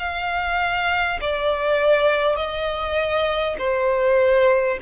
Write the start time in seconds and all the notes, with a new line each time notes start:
0.00 F5
1.22 D5
2.36 D#5
3.59 C5